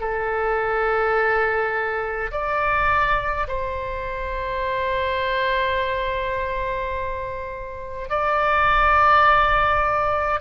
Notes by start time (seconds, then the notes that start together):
0.00 A4
2.31 D5
3.47 C5
8.09 D5